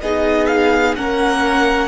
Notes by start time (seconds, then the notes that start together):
0.00 B3 D#4 G#4 D#5
0.47 F5
0.95 A#3 C#4 A#4 F#5